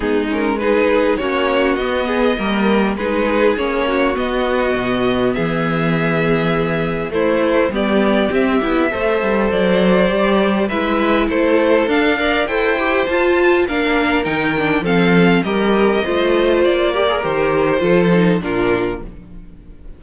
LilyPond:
<<
  \new Staff \with { instrumentName = "violin" } { \time 4/4 \tempo 4 = 101 gis'8 ais'8 b'4 cis''4 dis''4~ | dis''4 b'4 cis''4 dis''4~ | dis''4 e''2. | c''4 d''4 e''2 |
d''2 e''4 c''4 | f''4 g''4 a''4 f''4 | g''4 f''4 dis''2 | d''4 c''2 ais'4 | }
  \new Staff \with { instrumentName = "violin" } { \time 4/4 dis'4 gis'4 fis'4. gis'8 | ais'4 gis'4. fis'4.~ | fis'4 gis'2. | e'4 g'2 c''4~ |
c''2 b'4 a'4~ | a'8 d''8 c''2 ais'4~ | ais'4 a'4 ais'4 c''4~ | c''8 ais'4. a'4 f'4 | }
  \new Staff \with { instrumentName = "viola" } { \time 4/4 b8 cis'8 dis'4 cis'4 b4 | ais4 dis'4 cis'4 b4~ | b1 | a4 b4 c'8 e'8 a'4~ |
a'4 g'4 e'2 | d'8 ais'8 a'8 g'8 f'4 d'4 | dis'8 d'8 c'4 g'4 f'4~ | f'8 g'16 gis'16 g'4 f'8 dis'8 d'4 | }
  \new Staff \with { instrumentName = "cello" } { \time 4/4 gis2 ais4 b4 | g4 gis4 ais4 b4 | b,4 e2. | a4 g4 c'8 b8 a8 g8 |
fis4 g4 gis4 a4 | d'4 e'4 f'4 ais4 | dis4 f4 g4 a4 | ais4 dis4 f4 ais,4 | }
>>